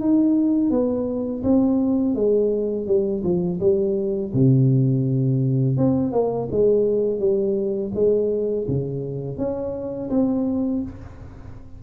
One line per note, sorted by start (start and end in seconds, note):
0.00 0.70 D#4
0.70 1.43 B3
1.43 2.15 C4
2.15 2.87 G#3
2.87 3.23 G3
3.23 3.59 F3
3.60 4.32 G3
4.34 5.77 C3
5.77 6.12 C4
6.12 6.48 A#3
6.51 7.19 G#3
7.19 7.92 G3
7.95 8.67 G#3
8.67 9.37 C#3
9.37 10.10 C#4
10.10 10.82 C4